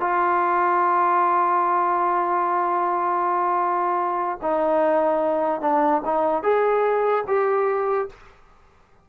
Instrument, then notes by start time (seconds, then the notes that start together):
trombone
0.00 F4
4.42 D#4
5.61 D4
6.05 D#4
6.43 G#4
7.27 G4